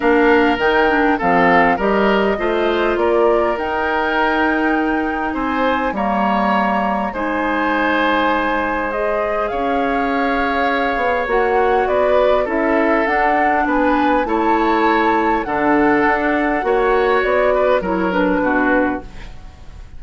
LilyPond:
<<
  \new Staff \with { instrumentName = "flute" } { \time 4/4 \tempo 4 = 101 f''4 g''4 f''4 dis''4~ | dis''4 d''4 g''2~ | g''4 gis''4 ais''2 | gis''2. dis''4 |
f''2. fis''4 | d''4 e''4 fis''4 gis''4 | a''2 fis''2~ | fis''4 d''4 cis''8 b'4. | }
  \new Staff \with { instrumentName = "oboe" } { \time 4/4 ais'2 a'4 ais'4 | c''4 ais'2.~ | ais'4 c''4 cis''2 | c''1 |
cis''1 | b'4 a'2 b'4 | cis''2 a'2 | cis''4. b'8 ais'4 fis'4 | }
  \new Staff \with { instrumentName = "clarinet" } { \time 4/4 d'4 dis'8 d'8 c'4 g'4 | f'2 dis'2~ | dis'2 ais2 | dis'2. gis'4~ |
gis'2. fis'4~ | fis'4 e'4 d'2 | e'2 d'2 | fis'2 e'8 d'4. | }
  \new Staff \with { instrumentName = "bassoon" } { \time 4/4 ais4 dis4 f4 g4 | a4 ais4 dis'2~ | dis'4 c'4 g2 | gis1 |
cis'2~ cis'8 b8 ais4 | b4 cis'4 d'4 b4 | a2 d4 d'4 | ais4 b4 fis4 b,4 | }
>>